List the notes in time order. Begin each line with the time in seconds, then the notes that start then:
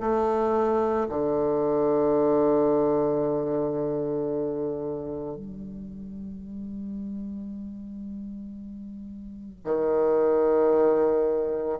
0.00 A3
1.09 D3
5.36 G3
9.64 D#3